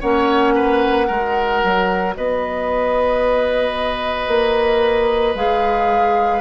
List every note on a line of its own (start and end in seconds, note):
0.00 1.09 A#3
0.00 1.09 C#4
0.00 0.54 C#5
0.00 2.15 F#5
0.54 1.07 B4
1.07 1.63 G#3
1.07 5.36 F#4
1.07 2.14 A#4
1.63 2.17 F#3
2.16 4.28 B3
2.16 6.41 B4
2.16 5.35 D#5
4.28 5.35 A#3
5.35 6.41 G#3
5.35 6.41 G#4
5.35 6.41 F5